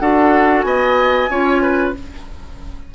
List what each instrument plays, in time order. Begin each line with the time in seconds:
0.00 bassoon D4, clarinet F#4, oboe A4, flute F#5
0.62 bassoon B3, oboe D#5, flute G#5
1.30 bassoon C#4, clarinet F4, oboe C#5
1.63 oboe B4